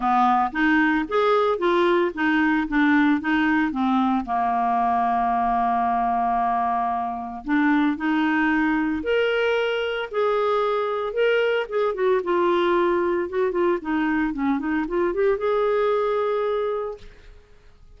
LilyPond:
\new Staff \with { instrumentName = "clarinet" } { \time 4/4 \tempo 4 = 113 b4 dis'4 gis'4 f'4 | dis'4 d'4 dis'4 c'4 | ais1~ | ais2 d'4 dis'4~ |
dis'4 ais'2 gis'4~ | gis'4 ais'4 gis'8 fis'8 f'4~ | f'4 fis'8 f'8 dis'4 cis'8 dis'8 | f'8 g'8 gis'2. | }